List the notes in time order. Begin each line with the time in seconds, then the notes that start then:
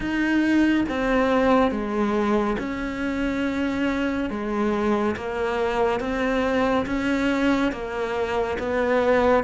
0.00 D#4
0.88 C4
1.71 G#3
2.58 C#4
4.30 G#3
5.16 A#3
6.00 C4
6.86 C#4
7.71 A#3
8.59 B3